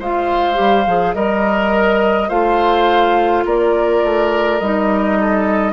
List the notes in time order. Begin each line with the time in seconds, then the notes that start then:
0.00 G#3 F4 C5 F5
0.54 G3 G4
0.87 F3 G#4
1.15 G3 A#4 D#5
2.29 A3 F4 C5 F5
3.45 A#3 A#4 D5
4.04 A3
4.59 G3 D#4 D#5
5.21 A4